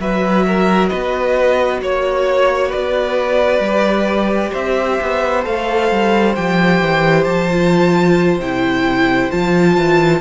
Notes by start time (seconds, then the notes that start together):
0.00 F#3 F#4 B4 E5
0.47 A#4
0.89 B3 B4 D#5
1.82 A#3 C#5
2.69 B4 D5
2.75 B3
3.60 G3 G4
4.52 C4 C5 E5
5.02 B3
5.44 A3 A4 F5
5.92 G3
6.36 F3 G4 G5
6.81 E3
7.25 F3 A5
7.51 F4
8.39 C3 E4 G5
9.31 F3 F4 A5
9.77 E3